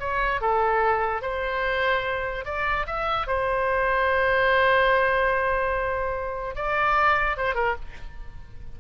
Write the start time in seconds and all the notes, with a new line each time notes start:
0.00 C#5
0.41 A4
1.22 C5
2.45 D5
2.87 E5
3.27 C5
6.55 D5
7.37 C5
7.55 A#4